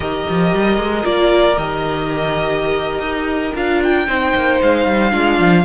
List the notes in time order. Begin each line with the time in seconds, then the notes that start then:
0.00 D#3 G4 A#4 D#5
0.29 F3
0.54 G3
0.78 G#3
1.02 A#3 F4 D5
1.57 D#3 G4 D#5
2.98 D#4
3.55 D4 F4 F5
3.83 G5
4.06 C4 D#4 C5
4.34 A#3
4.61 G#3 F5
4.86 G3
5.11 G#3 D4 F4
5.39 F3